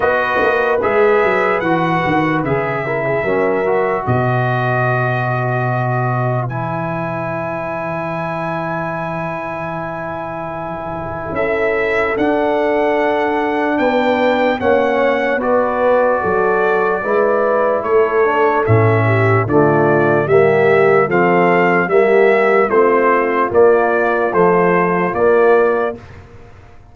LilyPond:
<<
  \new Staff \with { instrumentName = "trumpet" } { \time 4/4 \tempo 4 = 74 dis''4 e''4 fis''4 e''4~ | e''4 dis''2. | gis''1~ | gis''2 e''4 fis''4~ |
fis''4 g''4 fis''4 d''4~ | d''2 cis''4 e''4 | d''4 e''4 f''4 e''4 | c''4 d''4 c''4 d''4 | }
  \new Staff \with { instrumentName = "horn" } { \time 4/4 b'2.~ b'8 ais'16 gis'16 | ais'4 b'2.~ | b'1~ | b'2 a'2~ |
a'4 b'4 cis''4 b'4 | a'4 b'4 a'4. g'8 | f'4 g'4 a'4 g'4 | f'1 | }
  \new Staff \with { instrumentName = "trombone" } { \time 4/4 fis'4 gis'4 fis'4 gis'8 e'8 | cis'8 fis'2.~ fis'8 | e'1~ | e'2. d'4~ |
d'2 cis'4 fis'4~ | fis'4 e'4. d'8 cis'4 | a4 ais4 c'4 ais4 | c'4 ais4 f4 ais4 | }
  \new Staff \with { instrumentName = "tuba" } { \time 4/4 b8 ais8 gis8 fis8 e8 dis8 cis4 | fis4 b,2. | e1~ | e2 cis'4 d'4~ |
d'4 b4 ais4 b4 | fis4 gis4 a4 a,4 | d4 g4 f4 g4 | a4 ais4 a4 ais4 | }
>>